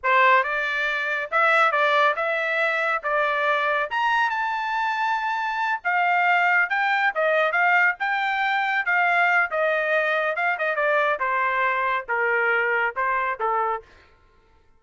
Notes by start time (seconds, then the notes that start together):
0.03 C5
0.43 D5
1.31 E5
1.71 D5
2.16 E5
3.03 D5
3.90 A#5
4.29 A5
5.84 F5
6.69 G5
7.15 D#5
7.51 F5
7.99 G5
8.85 F5
9.51 D#5
10.36 F5
10.58 D#5
10.75 D5
11.19 C5
12.08 A#4
12.96 C5
13.39 A4